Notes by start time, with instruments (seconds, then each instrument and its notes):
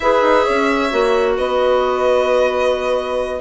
0.00 bassoon E4, clarinet G#4, horn B4, violin E5
0.22 bassoon D#4
0.44 bassoon C#4, horn C#5
0.90 bassoon A#3, clarinet F#4
1.35 bassoon B3, horn B4, violin D#5